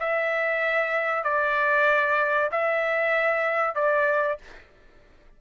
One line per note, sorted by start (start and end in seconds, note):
0.00 1.24 E5
1.24 2.50 D5
2.51 3.75 E5
3.75 4.38 D5